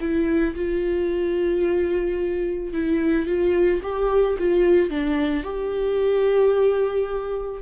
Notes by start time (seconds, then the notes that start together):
0.00 E4
0.55 F4
2.73 E4
3.26 F4
3.83 G4
4.38 F4
4.90 D4
5.43 G4